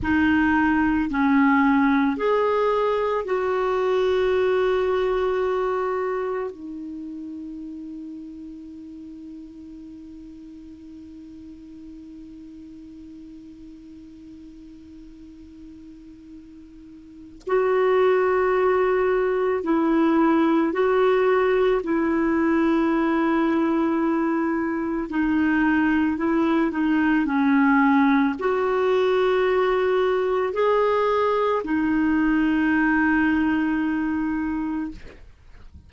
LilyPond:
\new Staff \with { instrumentName = "clarinet" } { \time 4/4 \tempo 4 = 55 dis'4 cis'4 gis'4 fis'4~ | fis'2 dis'2~ | dis'1~ | dis'1 |
fis'2 e'4 fis'4 | e'2. dis'4 | e'8 dis'8 cis'4 fis'2 | gis'4 dis'2. | }